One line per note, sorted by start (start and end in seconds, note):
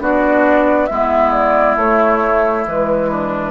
0.00 0.88 B3
0.00 0.89 D4
0.00 0.90 F#4
0.00 0.87 D5
0.87 1.76 G#3
0.87 1.78 B3
0.87 3.10 E4
0.87 1.31 E5
1.32 1.76 D5
1.76 2.65 A3
1.76 2.67 A3
1.76 2.66 C#5
2.66 3.51 E3
2.66 3.51 G#3
2.66 3.51 B4
3.10 3.51 D4